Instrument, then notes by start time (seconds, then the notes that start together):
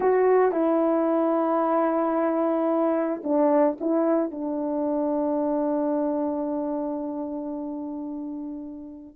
horn
0.00 F#4
0.51 E4
3.23 D4
3.80 E4
4.31 D4